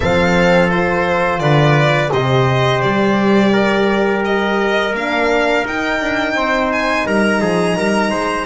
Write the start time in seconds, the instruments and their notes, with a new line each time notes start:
0.00 double bass F3, horn C4, trumpet A4, violin F5
0.68 horn F4, violin C5
1.39 double bass D3, trumpet B4, violin D5
2.12 double bass C3, horn G4, trumpet C5, violin D#5
2.81 double bass G3, violin D5
3.52 trumpet A#4
4.24 violin D#5
4.92 double bass A#3, horn D4, violin F5
5.64 double bass D#4, horn D#4, violin G5
6.00 double bass D4
6.33 double bass C4, trumpet C5
6.72 violin G#5
7.06 double bass G3, trumpet A#4, violin A#5
7.41 double bass F3, trumpet G#4
7.76 double bass G3, trumpet A#4
8.10 double bass G#3, trumpet C5